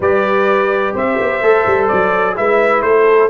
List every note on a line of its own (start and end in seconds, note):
0.00 0.94 G3
0.00 1.42 G4
0.00 0.94 B4
0.00 0.96 D5
0.94 1.18 C4
0.94 2.36 C5
0.94 1.87 E5
1.20 1.41 B3
1.41 1.65 A3
1.41 2.35 A4
1.66 1.90 G3
1.87 2.38 F#3
1.87 2.34 D5
2.35 2.82 G#3
2.35 3.29 E4
2.35 2.85 B4
2.35 2.82 E5
2.82 3.29 A3
2.82 3.29 A4
2.82 3.29 C5